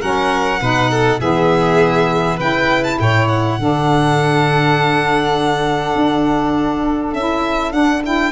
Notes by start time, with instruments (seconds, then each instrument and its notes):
0.00 tuba F#3, saxophone C#4, violin A#4 F#5
0.60 tuba B2, saxophone D#4, violin B4
0.90 violin A4
1.20 tuba E3, saxophone B3, violin G#4 E5
2.36 tuba C#3, saxophone E4, violin B4 G5
2.83 violin A5
2.99 tuba A2, violin C#5 G5
3.28 violin F#5
3.58 tuba D3, saxophone D4, violin A4
5.95 tuba D4
7.13 tuba C#4, saxophone E4, violin E5
7.71 saxophone D4, tuba D4, violin F#5
8.04 saxophone E4, violin G5